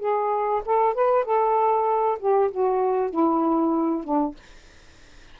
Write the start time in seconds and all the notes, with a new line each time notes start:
0.00 G#4
0.66 A4
0.94 B4
1.25 A4
2.20 G4
2.51 F#4
3.11 E4
4.04 D4